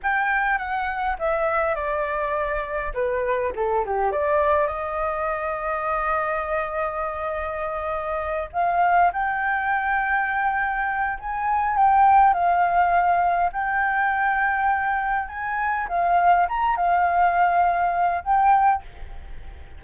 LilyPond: \new Staff \with { instrumentName = "flute" } { \time 4/4 \tempo 4 = 102 g''4 fis''4 e''4 d''4~ | d''4 b'4 a'8 g'8 d''4 | dis''1~ | dis''2~ dis''8 f''4 g''8~ |
g''2. gis''4 | g''4 f''2 g''4~ | g''2 gis''4 f''4 | ais''8 f''2~ f''8 g''4 | }